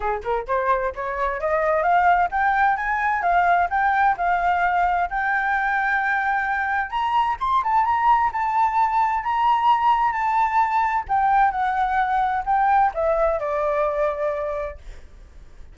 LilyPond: \new Staff \with { instrumentName = "flute" } { \time 4/4 \tempo 4 = 130 gis'8 ais'8 c''4 cis''4 dis''4 | f''4 g''4 gis''4 f''4 | g''4 f''2 g''4~ | g''2. ais''4 |
c'''8 a''8 ais''4 a''2 | ais''2 a''2 | g''4 fis''2 g''4 | e''4 d''2. | }